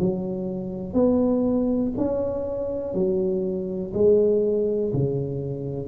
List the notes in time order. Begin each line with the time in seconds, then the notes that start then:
0.00 F#3
0.94 B3
1.98 C#4
2.94 F#3
3.94 G#3
4.94 C#3